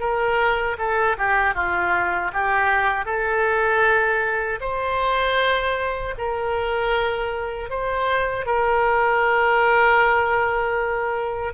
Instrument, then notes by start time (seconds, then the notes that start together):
oboe
0.00 A#4
0.78 A4
1.18 G4
1.55 F4
2.33 G4
3.06 A4
4.61 C5
6.18 A#4
7.70 C5
8.46 A#4